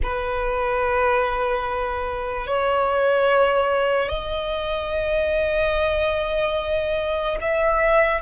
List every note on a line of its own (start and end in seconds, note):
0.03 2.47 B4
2.47 4.08 C#5
4.08 7.37 D#5
7.40 8.21 E5